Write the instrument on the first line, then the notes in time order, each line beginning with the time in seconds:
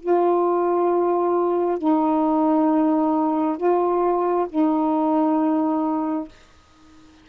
saxophone
0.00 F4
1.78 D#4
3.57 F4
4.49 D#4